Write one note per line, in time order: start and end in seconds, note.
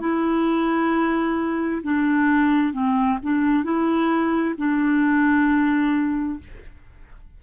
0.00 1.82 E4
1.83 2.73 D4
2.73 3.19 C4
3.23 3.64 D4
3.64 4.55 E4
4.57 6.39 D4